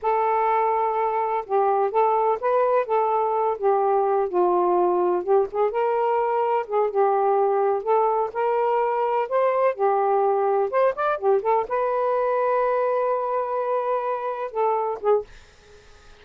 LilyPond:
\new Staff \with { instrumentName = "saxophone" } { \time 4/4 \tempo 4 = 126 a'2. g'4 | a'4 b'4 a'4. g'8~ | g'4 f'2 g'8 gis'8 | ais'2 gis'8 g'4.~ |
g'8 a'4 ais'2 c''8~ | c''8 g'2 c''8 d''8 g'8 | a'8 b'2.~ b'8~ | b'2~ b'8 a'4 gis'8 | }